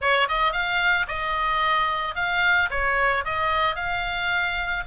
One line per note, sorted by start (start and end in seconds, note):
0.01 0.28 C#5
0.28 0.52 D#5
0.52 1.06 F5
1.07 2.15 D#5
2.15 2.69 F5
2.70 3.24 C#5
3.24 3.75 D#5
3.75 4.83 F5